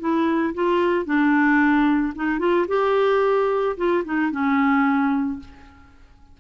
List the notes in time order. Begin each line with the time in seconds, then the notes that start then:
0.00 E4
0.55 F4
1.06 D4
2.16 D#4
2.40 F4
2.68 G4
3.77 F4
4.05 D#4
4.32 C#4